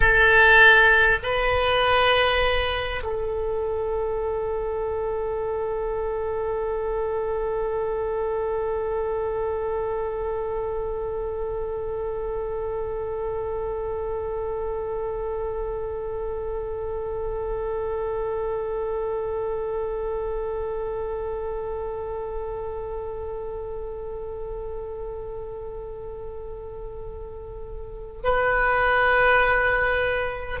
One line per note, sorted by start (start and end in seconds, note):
0.00 1.18 A4
1.22 3.02 B4
3.03 28.23 A4
28.23 30.60 B4